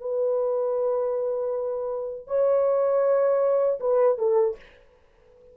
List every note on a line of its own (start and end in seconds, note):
0.00 2.27 B4
2.27 3.79 C#5
3.79 4.17 B4
4.17 4.55 A4